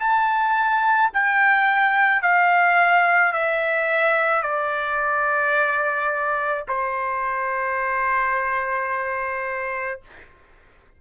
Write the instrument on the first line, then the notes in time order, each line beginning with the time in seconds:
trumpet
0.00 A5
1.14 G5
2.23 F5
3.33 E5
4.43 D5
6.69 C5